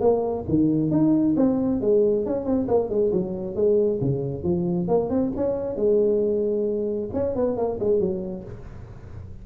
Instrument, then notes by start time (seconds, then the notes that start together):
tuba
0.00 A#3
0.48 D#3
0.91 D#4
1.37 C4
1.81 G#3
2.25 C#4
2.45 C4
2.68 A#3
2.89 G#3
3.12 F#3
3.55 G#3
4.01 C#3
4.43 F3
4.88 A#3
5.10 C4
5.36 C#4
5.76 G#3
7.13 C#4
7.35 B3
7.57 A#3
7.79 G#3
8.00 F#3